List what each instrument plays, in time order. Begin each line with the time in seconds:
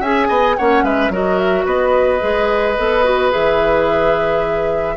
0.00 bassoon C#4, clarinet G#4, oboe E5, flute G#5
0.28 bassoon B3, oboe D#5
0.57 bassoon A#3, clarinet C#4, oboe C#5, flute F#5
0.83 bassoon G#3, oboe B4, flute E5
1.09 bassoon F#3, clarinet F#4, oboe A#4, flute D#5
1.38 flute E5
1.65 bassoon B3, oboe B4, flute D#5
2.20 bassoon G#3, clarinet G#4
2.78 bassoon B3, clarinet A4
3.04 clarinet F#4
3.31 bassoon E3, clarinet G#4, flute E5